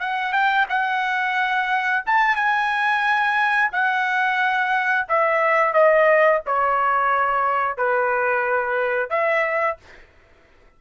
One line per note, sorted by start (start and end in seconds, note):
0.00 0.33 F#5
0.33 0.66 G5
0.69 2.04 F#5
2.07 2.36 A5
2.36 3.71 G#5
3.72 5.07 F#5
5.09 5.73 E5
5.73 6.41 D#5
6.46 7.77 C#5
7.77 9.10 B4
9.10 9.77 E5